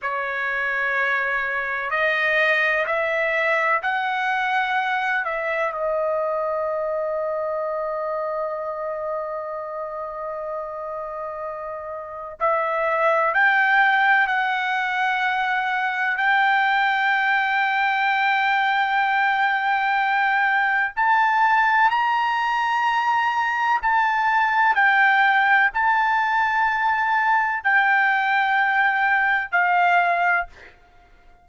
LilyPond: \new Staff \with { instrumentName = "trumpet" } { \time 4/4 \tempo 4 = 63 cis''2 dis''4 e''4 | fis''4. e''8 dis''2~ | dis''1~ | dis''4 e''4 g''4 fis''4~ |
fis''4 g''2.~ | g''2 a''4 ais''4~ | ais''4 a''4 g''4 a''4~ | a''4 g''2 f''4 | }